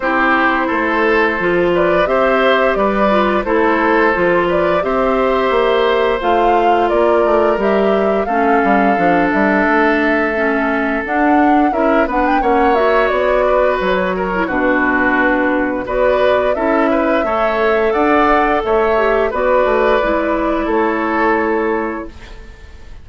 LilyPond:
<<
  \new Staff \with { instrumentName = "flute" } { \time 4/4 \tempo 4 = 87 c''2~ c''8 d''8 e''4 | d''4 c''4. d''8 e''4~ | e''4 f''4 d''4 e''4 | f''4. e''2~ e''8 |
fis''4 e''8 fis''16 g''16 fis''8 e''8 d''4 | cis''4 b'2 d''4 | e''2 fis''4 e''4 | d''2 cis''2 | }
  \new Staff \with { instrumentName = "oboe" } { \time 4/4 g'4 a'4. b'8 c''4 | b'4 a'4. b'8 c''4~ | c''2 ais'2 | a'1~ |
a'4 ais'8 b'8 cis''4. b'8~ | b'8 ais'8 fis'2 b'4 | a'8 b'8 cis''4 d''4 cis''4 | b'2 a'2 | }
  \new Staff \with { instrumentName = "clarinet" } { \time 4/4 e'2 f'4 g'4~ | g'8 f'8 e'4 f'4 g'4~ | g'4 f'2 g'4 | cis'4 d'2 cis'4 |
d'4 e'8 d'8 cis'8 fis'4.~ | fis'8. e'16 d'2 fis'4 | e'4 a'2~ a'8 g'8 | fis'4 e'2. | }
  \new Staff \with { instrumentName = "bassoon" } { \time 4/4 c'4 a4 f4 c'4 | g4 a4 f4 c'4 | ais4 a4 ais8 a8 g4 | a8 g8 f8 g8 a2 |
d'4 cis'8 b8 ais4 b4 | fis4 b,2 b4 | cis'4 a4 d'4 a4 | b8 a8 gis4 a2 | }
>>